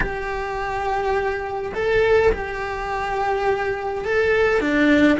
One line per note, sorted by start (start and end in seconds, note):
0.00 1.72 G4
1.74 2.32 A4
2.32 4.04 G4
4.04 4.60 A4
4.60 5.18 D4